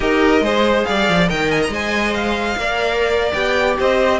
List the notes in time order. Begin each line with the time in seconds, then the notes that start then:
0.00 D#4 G4 A#4 D#5
0.40 G#3 G#4 C5
0.84 G3 D5 F5
1.08 F3
1.28 D#3 A#4 D#5 G5
1.51 G#5
1.62 A#5
1.68 G#3 C5 G#5
2.13 F5
2.56 A#3 A#4 D5
3.33 B3 G4 G5
3.78 C4 C5 D#5